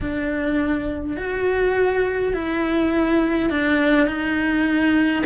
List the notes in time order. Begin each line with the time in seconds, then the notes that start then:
0.01 D4
1.17 F#4
2.33 E4
3.50 D4
4.06 D#4